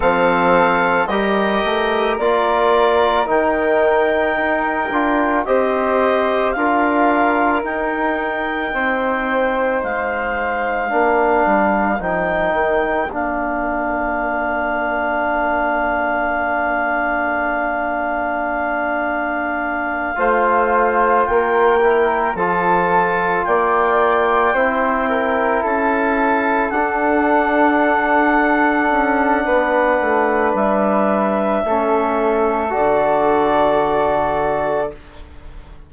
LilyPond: <<
  \new Staff \with { instrumentName = "clarinet" } { \time 4/4 \tempo 4 = 55 f''4 dis''4 d''4 g''4~ | g''4 dis''4 f''4 g''4~ | g''4 f''2 g''4 | f''1~ |
f''2.~ f''8 g''8~ | g''8 a''4 g''2 a''8~ | a''8 fis''2.~ fis''8 | e''2 d''2 | }
  \new Staff \with { instrumentName = "flute" } { \time 4/4 a'4 ais'2.~ | ais'4 c''4 ais'2 | c''2 ais'2~ | ais'1~ |
ais'2~ ais'8 c''4 ais'8~ | ais'8 a'4 d''4 c''8 ais'8 a'8~ | a'2. b'4~ | b'4 a'2. | }
  \new Staff \with { instrumentName = "trombone" } { \time 4/4 c'4 g'4 f'4 dis'4~ | dis'8 f'8 g'4 f'4 dis'4~ | dis'2 d'4 dis'4 | d'1~ |
d'2~ d'8 f'4. | e'8 f'2 e'4.~ | e'8 d'2.~ d'8~ | d'4 cis'4 fis'2 | }
  \new Staff \with { instrumentName = "bassoon" } { \time 4/4 f4 g8 a8 ais4 dis4 | dis'8 d'8 c'4 d'4 dis'4 | c'4 gis4 ais8 g8 f8 dis8 | ais1~ |
ais2~ ais8 a4 ais8~ | ais8 f4 ais4 c'4 cis'8~ | cis'8 d'2 cis'8 b8 a8 | g4 a4 d2 | }
>>